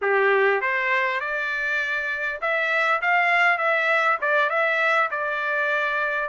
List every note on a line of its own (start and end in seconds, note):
0.01 0.61 G4
0.61 1.20 C5
1.20 2.40 D5
2.41 3.01 E5
3.01 3.58 F5
3.58 4.18 E5
4.21 4.49 D5
4.49 5.09 E5
5.10 6.29 D5